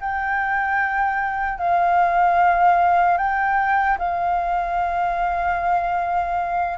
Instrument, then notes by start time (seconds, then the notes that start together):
flute
0.00 G5
1.58 F5
3.17 G5
3.98 F5